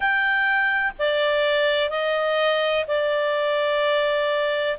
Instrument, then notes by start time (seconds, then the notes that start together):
clarinet
0.00 G5
0.98 D5
1.90 D#5
2.87 D5